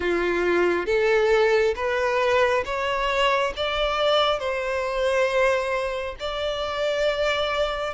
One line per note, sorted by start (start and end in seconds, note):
0.00 0.86 F4
0.86 1.74 A4
1.75 2.64 B4
2.65 3.53 C#5
3.56 4.39 D5
4.39 6.15 C5
6.19 7.94 D5